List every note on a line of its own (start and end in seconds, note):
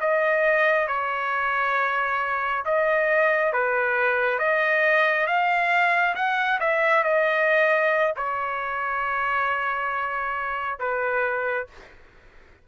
0.00 0.87 D#5
0.87 2.64 C#5
2.65 3.52 D#5
3.52 4.38 B4
4.38 5.26 D#5
5.26 6.14 F5
6.15 6.59 F#5
6.60 7.03 E5
7.03 8.14 D#5
8.16 10.79 C#5
10.79 11.67 B4